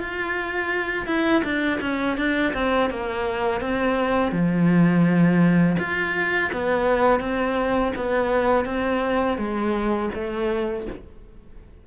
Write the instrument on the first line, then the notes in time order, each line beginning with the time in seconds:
cello
0.00 F4
1.07 E4
1.44 D4
1.81 C#4
2.18 D4
2.54 C4
2.90 A#3
3.61 C4
4.32 F3
5.79 F4
6.53 B3
7.20 C4
7.96 B3
8.65 C4
9.38 G#3
10.15 A3